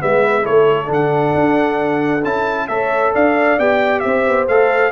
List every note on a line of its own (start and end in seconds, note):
0.00 0.48 G#3
0.00 0.43 B3
0.00 0.43 B4
0.00 0.46 E5
0.43 0.90 A3
0.43 0.86 E4
0.43 2.67 A4
0.43 0.91 C#5
0.86 1.34 D3
0.86 2.20 D4
0.93 2.25 F#5
1.35 2.24 D4
2.24 2.69 C#4
2.24 2.70 E4
2.24 2.68 A5
2.68 3.14 A3
2.68 3.59 A4
2.68 3.13 C#5
2.68 3.13 E5
3.13 3.59 D4
3.13 4.03 D5
3.13 3.60 F5
3.59 4.04 B3
3.59 4.49 G4
3.59 4.00 G5
4.00 4.27 C4
4.00 4.92 C5
4.00 4.45 E5
4.28 4.49 B3
4.48 4.92 A3
4.48 4.92 A4
4.48 4.92 F5